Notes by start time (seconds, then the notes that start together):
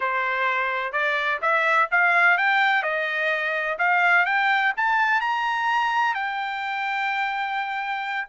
0.00 C5
0.92 D5
1.41 E5
1.91 F5
2.37 G5
2.83 D#5
3.78 F5
4.25 G5
4.77 A5
5.21 A#5
6.14 G5